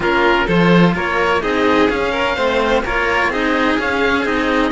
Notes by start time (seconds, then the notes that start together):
0.00 A#3 C#4 F4 A#4
0.45 F3 F4 A4 C5
0.95 A#3 A#4 C#5
1.41 C4 D#4 G#4 D#5
1.89 C#4 F5
2.11 A#4
2.35 A3 C4 C5
2.83 A#3 F4 A#4 C#5
3.29 C4 D#4 G#4 D#5
3.78 C#4 F5
4.24 C4 D#4 D#5